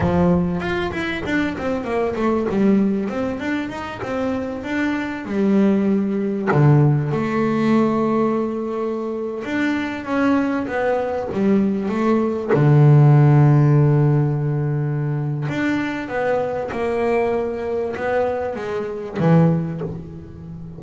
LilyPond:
\new Staff \with { instrumentName = "double bass" } { \time 4/4 \tempo 4 = 97 f4 f'8 e'8 d'8 c'8 ais8 a8 | g4 c'8 d'8 dis'8 c'4 d'8~ | d'8 g2 d4 a8~ | a2.~ a16 d'8.~ |
d'16 cis'4 b4 g4 a8.~ | a16 d2.~ d8.~ | d4 d'4 b4 ais4~ | ais4 b4 gis4 e4 | }